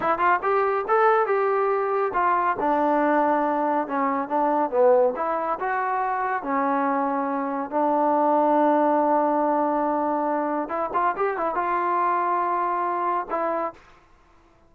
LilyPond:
\new Staff \with { instrumentName = "trombone" } { \time 4/4 \tempo 4 = 140 e'8 f'8 g'4 a'4 g'4~ | g'4 f'4 d'2~ | d'4 cis'4 d'4 b4 | e'4 fis'2 cis'4~ |
cis'2 d'2~ | d'1~ | d'4 e'8 f'8 g'8 e'8 f'4~ | f'2. e'4 | }